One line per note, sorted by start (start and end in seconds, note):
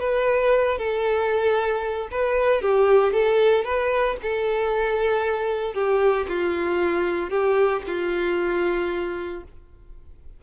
0.00 0.78 B4
0.78 2.09 A4
2.12 2.62 B4
2.62 3.13 G4
3.13 3.65 A4
3.65 4.17 B4
4.23 5.74 A4
5.74 6.27 G4
6.29 7.30 F4
7.30 7.82 G4
7.87 9.44 F4